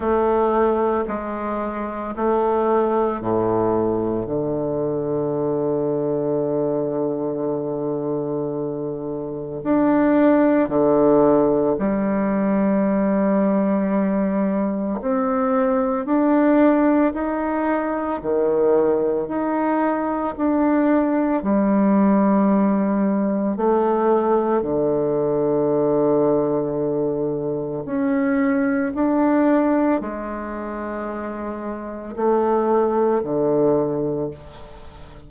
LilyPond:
\new Staff \with { instrumentName = "bassoon" } { \time 4/4 \tempo 4 = 56 a4 gis4 a4 a,4 | d1~ | d4 d'4 d4 g4~ | g2 c'4 d'4 |
dis'4 dis4 dis'4 d'4 | g2 a4 d4~ | d2 cis'4 d'4 | gis2 a4 d4 | }